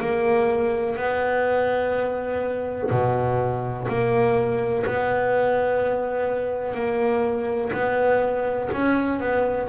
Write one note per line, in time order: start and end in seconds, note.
0.00 0.96 A#3
0.96 2.90 B3
2.90 3.87 B2
3.88 4.85 A#3
4.86 6.75 B3
6.75 7.72 A#3
7.73 8.70 B3
8.73 9.20 C#4
9.20 9.69 B3